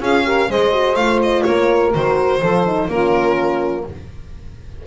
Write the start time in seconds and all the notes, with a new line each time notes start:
0.00 C#4 F4 G#4 F5
0.25 G4 A#4
0.48 G#3 G#4 C5 D#5
0.72 F#4
0.95 A3 F4 F5
1.22 D#5
1.43 A#3 A#4 C#5
1.94 D#3 F#4 C5
2.40 F3 F4 A4
2.66 D#4
2.88 A#3 C#4 F4 A#4